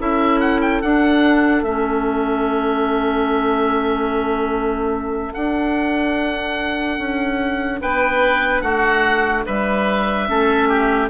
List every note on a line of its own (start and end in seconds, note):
0.00 0.82 C#4
0.00 0.82 E4
0.00 7.81 A4
0.00 0.40 E5
0.40 0.61 F#5
0.61 0.82 G5
0.82 1.63 D4
0.82 1.66 D4
0.82 1.64 F#5
1.63 5.33 A3
1.63 5.33 C#4
1.63 5.34 E5
5.33 10.26 D4
5.33 6.99 D4
5.33 7.80 F#5
6.99 7.81 C#4
7.82 8.62 B3
7.82 8.64 B4
7.82 8.61 G5
8.61 9.44 A3
8.61 9.46 F#4
8.61 9.44 F#5
9.46 10.30 G3
9.46 10.29 B4
9.46 11.10 E5
10.28 11.10 A3
10.28 11.10 C#4
10.28 10.69 A4
10.69 11.10 G4